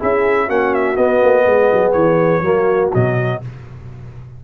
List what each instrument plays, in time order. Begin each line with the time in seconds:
0.00 tuba C#4, trombone E4, horn G#4, trumpet E5
0.46 tuba A#3, trombone C#4, horn F#4, trumpet F#5
0.75 trumpet E5
0.97 tuba B3, trombone B3, trumpet D#5
1.23 tuba A#3
1.46 tuba G#3, horn G#4
1.73 tuba F#3
1.92 tuba E3, trumpet C#5
2.42 tuba F#3, trombone A#3, horn F#4
2.94 tuba B2, trombone F#3, trumpet D#5